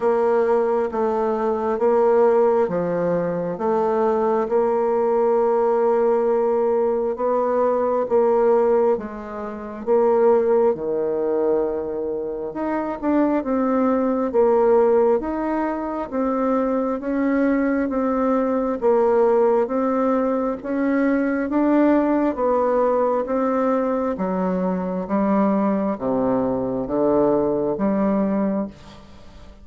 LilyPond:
\new Staff \with { instrumentName = "bassoon" } { \time 4/4 \tempo 4 = 67 ais4 a4 ais4 f4 | a4 ais2. | b4 ais4 gis4 ais4 | dis2 dis'8 d'8 c'4 |
ais4 dis'4 c'4 cis'4 | c'4 ais4 c'4 cis'4 | d'4 b4 c'4 fis4 | g4 c4 d4 g4 | }